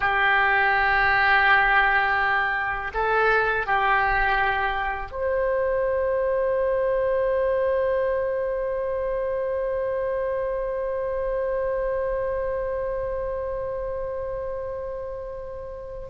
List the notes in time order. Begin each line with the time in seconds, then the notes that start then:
0.00 G4
2.94 A4
3.66 G4
5.11 C5